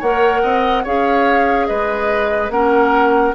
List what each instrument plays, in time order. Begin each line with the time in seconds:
0.00 bassoon A#3, clarinet A#4, oboe C#5, flute F#5
0.43 bassoon C4, oboe D#5
0.84 bassoon C#4, clarinet G#4, oboe C#5, flute F5
1.67 bassoon G#3, oboe B4, flute D#5
2.50 bassoon A#3, clarinet C#4, oboe A#4, flute F#5